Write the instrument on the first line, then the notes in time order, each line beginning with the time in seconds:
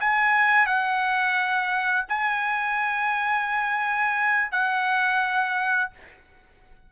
trumpet
0.00 G#5
0.66 F#5
2.08 G#5
4.51 F#5